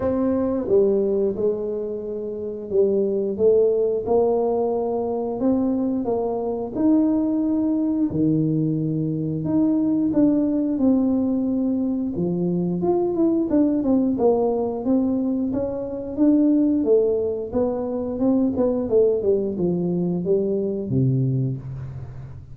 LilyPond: \new Staff \with { instrumentName = "tuba" } { \time 4/4 \tempo 4 = 89 c'4 g4 gis2 | g4 a4 ais2 | c'4 ais4 dis'2 | dis2 dis'4 d'4 |
c'2 f4 f'8 e'8 | d'8 c'8 ais4 c'4 cis'4 | d'4 a4 b4 c'8 b8 | a8 g8 f4 g4 c4 | }